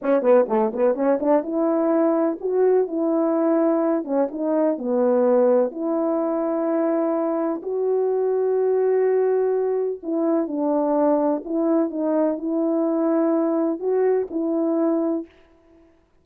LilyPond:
\new Staff \with { instrumentName = "horn" } { \time 4/4 \tempo 4 = 126 cis'8 b8 a8 b8 cis'8 d'8 e'4~ | e'4 fis'4 e'2~ | e'8 cis'8 dis'4 b2 | e'1 |
fis'1~ | fis'4 e'4 d'2 | e'4 dis'4 e'2~ | e'4 fis'4 e'2 | }